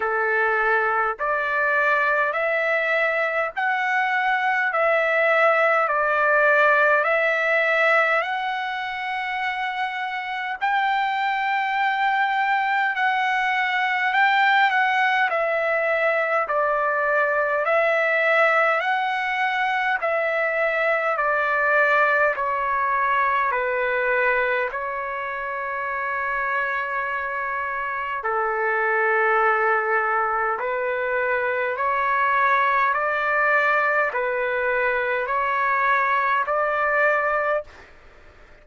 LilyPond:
\new Staff \with { instrumentName = "trumpet" } { \time 4/4 \tempo 4 = 51 a'4 d''4 e''4 fis''4 | e''4 d''4 e''4 fis''4~ | fis''4 g''2 fis''4 | g''8 fis''8 e''4 d''4 e''4 |
fis''4 e''4 d''4 cis''4 | b'4 cis''2. | a'2 b'4 cis''4 | d''4 b'4 cis''4 d''4 | }